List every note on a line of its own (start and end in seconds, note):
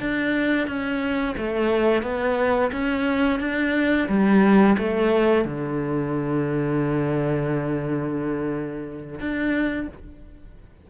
0.00 0.67 D4
0.67 1.35 C#4
1.37 2.03 A3
2.03 2.71 B3
2.72 3.40 C#4
3.40 4.08 D4
4.08 4.77 G3
4.78 5.45 A3
5.45 9.20 D3
9.20 9.88 D4